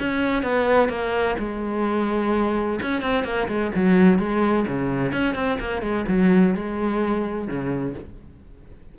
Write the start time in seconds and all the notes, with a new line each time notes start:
0.00 C#4
0.43 B3
0.89 A#3
1.39 G#3
2.82 C#4
3.02 C4
3.25 A#3
3.48 G#3
3.76 F#3
4.19 G#3
4.68 C#3
5.13 C#4
5.35 C4
5.60 A#3
5.82 G#3
6.09 F#3
6.55 G#3
7.48 C#3